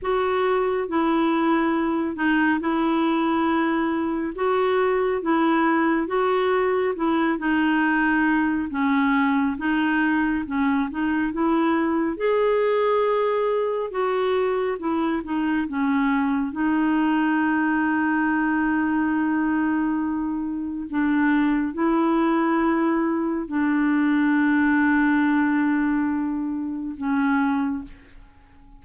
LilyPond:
\new Staff \with { instrumentName = "clarinet" } { \time 4/4 \tempo 4 = 69 fis'4 e'4. dis'8 e'4~ | e'4 fis'4 e'4 fis'4 | e'8 dis'4. cis'4 dis'4 | cis'8 dis'8 e'4 gis'2 |
fis'4 e'8 dis'8 cis'4 dis'4~ | dis'1 | d'4 e'2 d'4~ | d'2. cis'4 | }